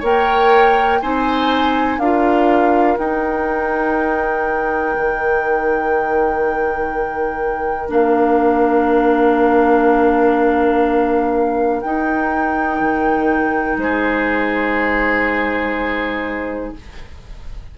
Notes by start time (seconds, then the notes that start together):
0.00 A#3 A#4 C#5 G5
1.02 C4 D#4 C5 G#5
1.98 D4 F4 A#4 F5
2.98 D#4 G5
4.97 D#3
7.88 A#3 D4 F5
11.81 D#4 G5
12.81 D#3
13.77 G#3 G#4 C5